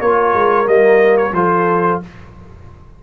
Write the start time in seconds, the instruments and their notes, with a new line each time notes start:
0.00 tuba A#3, trombone F4, horn A#4, trumpet C#5
0.34 tuba G#3
0.65 tuba G3, trombone A#3, trumpet D#5
1.17 trumpet C#5
1.32 tuba F3, trombone F4, horn A4, trumpet C5